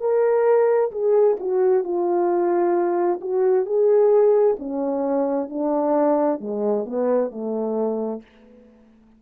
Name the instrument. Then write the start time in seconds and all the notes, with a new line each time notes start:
horn
0.00 A#4
0.91 G#4
1.40 F#4
1.84 F4
3.21 F#4
3.66 G#4
4.60 C#4
5.50 D4
6.40 G#3
6.86 B3
7.31 A3